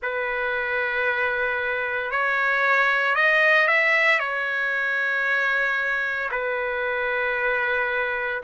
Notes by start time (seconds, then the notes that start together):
0.02 B4
2.11 C#5
3.15 D#5
3.67 E5
4.19 C#5
6.31 B4